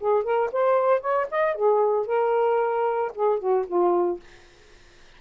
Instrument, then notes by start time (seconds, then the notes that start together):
saxophone
0.00 G#4
0.24 A#4
0.52 C5
1.01 C#5
1.31 D#5
1.55 G#4
2.07 A#4
3.15 G#4
3.39 F#4
3.67 F4